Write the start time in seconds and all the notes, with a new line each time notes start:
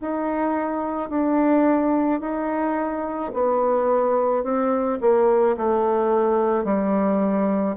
0.00 D#4
1.09 D4
2.20 D#4
3.33 B3
4.43 C4
5.01 A#3
5.57 A3
6.64 G3